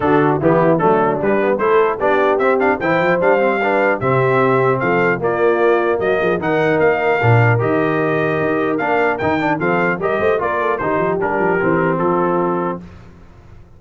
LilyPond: <<
  \new Staff \with { instrumentName = "trumpet" } { \time 4/4 \tempo 4 = 150 a'4 g'4 a'4 b'4 | c''4 d''4 e''8 f''8 g''4 | f''2 e''2 | f''4 d''2 dis''4 |
fis''4 f''2 dis''4~ | dis''2 f''4 g''4 | f''4 dis''4 d''4 c''4 | ais'2 a'2 | }
  \new Staff \with { instrumentName = "horn" } { \time 4/4 fis'4 e'4 d'2 | a'4 g'2 c''4~ | c''4 b'4 g'2 | a'4 f'2 fis'8 gis'8 |
ais'1~ | ais'1 | a'4 ais'8 c''8 ais'8 a'8 g'4~ | g'2 f'2 | }
  \new Staff \with { instrumentName = "trombone" } { \time 4/4 d'4 b4 a4 g8 b8 | e'4 d'4 c'8 d'8 e'4 | d'8 c'8 d'4 c'2~ | c'4 ais2. |
dis'2 d'4 g'4~ | g'2 d'4 dis'8 d'8 | c'4 g'4 f'4 dis'4 | d'4 c'2. | }
  \new Staff \with { instrumentName = "tuba" } { \time 4/4 d4 e4 fis4 g4 | a4 b4 c'4 e8 f8 | g2 c2 | f4 ais2 fis8 f8 |
dis4 ais4 ais,4 dis4~ | dis4 dis'4 ais4 dis4 | f4 g8 a8 ais4 dis8 f8 | g8 f8 e4 f2 | }
>>